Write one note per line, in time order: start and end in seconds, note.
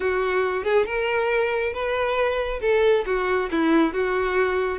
0.00 0.64 F#4
0.64 0.86 G#4
0.86 1.73 A#4
1.73 2.60 B4
2.61 3.04 A4
3.06 3.49 F#4
3.51 3.93 E4
3.93 4.78 F#4